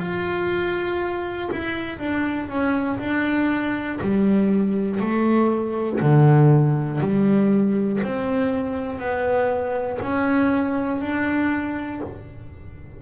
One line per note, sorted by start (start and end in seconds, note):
0.00 1.50 F4
1.52 1.99 E4
1.99 2.49 D4
2.50 3.00 C#4
3.00 4.00 D4
4.01 5.01 G3
5.01 6.01 A3
6.01 7.01 D3
7.01 8.01 G3
8.04 8.99 C4
8.99 9.99 B3
10.02 11.01 C#4
11.01 12.01 D4